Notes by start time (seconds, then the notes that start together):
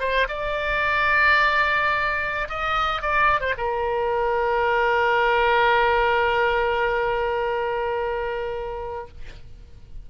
0.00 C5
0.28 D5
2.49 D#5
3.02 D5
3.41 C5
3.58 A#4